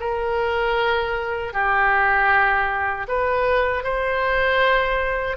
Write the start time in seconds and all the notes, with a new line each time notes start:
0.00 A#4
1.53 G4
3.08 B4
3.84 C5